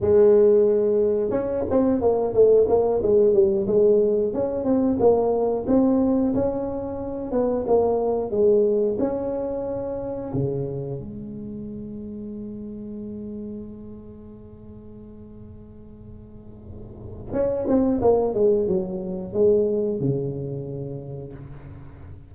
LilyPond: \new Staff \with { instrumentName = "tuba" } { \time 4/4 \tempo 4 = 90 gis2 cis'8 c'8 ais8 a8 | ais8 gis8 g8 gis4 cis'8 c'8 ais8~ | ais8 c'4 cis'4. b8 ais8~ | ais8 gis4 cis'2 cis8~ |
cis8 gis2.~ gis8~ | gis1~ | gis2 cis'8 c'8 ais8 gis8 | fis4 gis4 cis2 | }